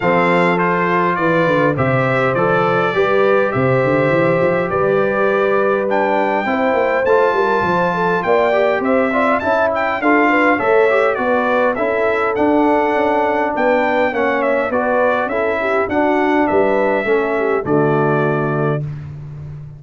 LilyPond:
<<
  \new Staff \with { instrumentName = "trumpet" } { \time 4/4 \tempo 4 = 102 f''4 c''4 d''4 e''4 | d''2 e''2 | d''2 g''2 | a''2 g''4 e''4 |
a''8 g''8 f''4 e''4 d''4 | e''4 fis''2 g''4 | fis''8 e''8 d''4 e''4 fis''4 | e''2 d''2 | }
  \new Staff \with { instrumentName = "horn" } { \time 4/4 a'2 b'4 c''4~ | c''4 b'4 c''2 | b'2. c''4~ | c''8 ais'8 c''8 a'8 d''4 c''8 d''8 |
e''4 a'8 b'8 cis''4 b'4 | a'2. b'4 | cis''4 b'4 a'8 g'8 fis'4 | b'4 a'8 g'8 fis'2 | }
  \new Staff \with { instrumentName = "trombone" } { \time 4/4 c'4 f'2 g'4 | a'4 g'2.~ | g'2 d'4 e'4 | f'2~ f'8 g'4 f'8 |
e'4 f'4 a'8 g'8 fis'4 | e'4 d'2. | cis'4 fis'4 e'4 d'4~ | d'4 cis'4 a2 | }
  \new Staff \with { instrumentName = "tuba" } { \time 4/4 f2 e8 d8 c4 | f4 g4 c8 d8 e8 f8 | g2. c'8 ais8 | a8 g8 f4 ais4 c'4 |
cis'4 d'4 a4 b4 | cis'4 d'4 cis'4 b4 | ais4 b4 cis'4 d'4 | g4 a4 d2 | }
>>